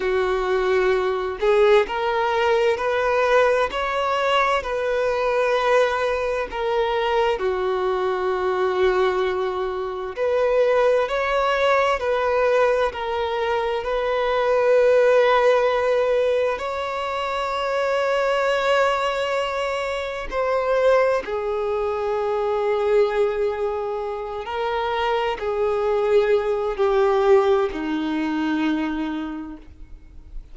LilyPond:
\new Staff \with { instrumentName = "violin" } { \time 4/4 \tempo 4 = 65 fis'4. gis'8 ais'4 b'4 | cis''4 b'2 ais'4 | fis'2. b'4 | cis''4 b'4 ais'4 b'4~ |
b'2 cis''2~ | cis''2 c''4 gis'4~ | gis'2~ gis'8 ais'4 gis'8~ | gis'4 g'4 dis'2 | }